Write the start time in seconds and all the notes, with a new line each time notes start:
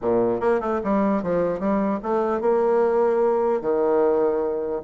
0.01 A#2
0.40 A#3
0.60 A3
0.83 G3
1.23 F3
1.59 G3
2.02 A3
2.40 A#3
3.61 D#3